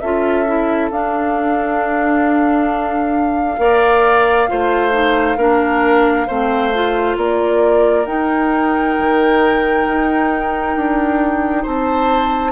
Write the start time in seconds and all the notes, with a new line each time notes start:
0.00 C#4 F4 A4 E5
0.46 E4
0.91 D4 F5
3.58 A#3 A#4 D5
4.48 A3 F4 C5
4.91 D#4
5.37 A#3 D4 A#4
6.27 A3 C4 C5
6.74 F4
7.17 A#3 A#4 D5
8.05 D#4 G5
8.99 D#3
9.87 D#4
10.76 D4
11.63 C4 C5 A5